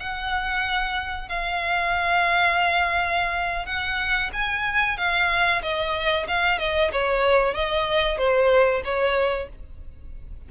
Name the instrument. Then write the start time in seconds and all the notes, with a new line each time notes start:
violin
0.00 F#5
1.29 F5
3.66 F#5
4.33 G#5
4.98 F5
5.62 D#5
6.28 F5
6.59 D#5
6.93 C#5
7.55 D#5
8.18 C5
8.85 C#5